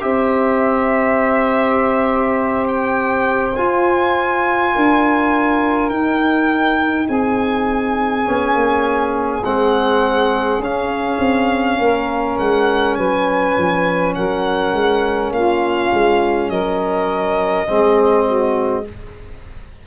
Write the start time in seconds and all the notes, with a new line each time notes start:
0.00 C4 G4 C5 E5
2.67 G5
3.55 F4 G#5
4.73 D4 A#4
5.89 D#4 G5
7.06 C4 G#4 G#5
8.25 B3 C#4
8.53 A#3
9.43 G#3 C4 F#5
10.59 C#4 F5
11.18 C4
11.78 A#3 A#4
12.37 G#3 F#5
12.95 F#3 B4 G#5
13.57 F3
14.14 F#3 A#4 F#5
14.72 G#3
15.31 A#3 F4 F5
15.92 G#3
16.49 F#3 A#4 D#5
17.66 G#3 C4 G#4
18.25 F#4